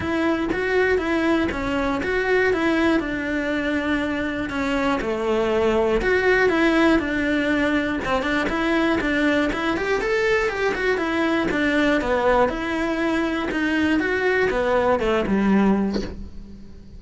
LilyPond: \new Staff \with { instrumentName = "cello" } { \time 4/4 \tempo 4 = 120 e'4 fis'4 e'4 cis'4 | fis'4 e'4 d'2~ | d'4 cis'4 a2 | fis'4 e'4 d'2 |
c'8 d'8 e'4 d'4 e'8 g'8 | a'4 g'8 fis'8 e'4 d'4 | b4 e'2 dis'4 | fis'4 b4 a8 g4. | }